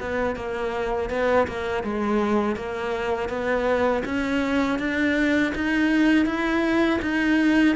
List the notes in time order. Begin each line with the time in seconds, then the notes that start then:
0.00 B3
0.36 A#3
1.10 B3
1.47 A#3
1.83 G#3
2.56 A#3
3.29 B3
4.05 C#4
4.79 D4
5.55 D#4
6.26 E4
7.02 D#4